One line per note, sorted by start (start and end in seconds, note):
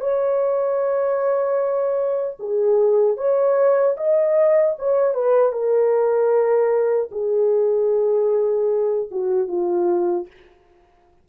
0.00 2.37 C#5
2.39 3.17 G#4
3.17 3.96 C#5
3.97 4.76 D#5
4.78 5.14 C#5
5.14 5.52 B4
5.52 7.09 A#4
7.11 9.09 G#4
9.11 9.48 F#4
9.48 10.27 F4